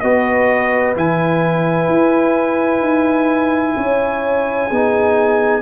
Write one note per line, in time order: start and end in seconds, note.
0.00 0.96 B3
0.00 0.96 F#4
0.00 3.77 B4
0.00 0.94 D#5
0.96 1.88 E3
0.96 4.71 E4
0.96 5.62 G#5
1.88 2.80 E4
2.80 3.74 D#4
3.77 4.71 C#4
3.77 4.68 C#5
4.68 5.62 B3
4.68 5.62 D#4
4.68 5.62 G#4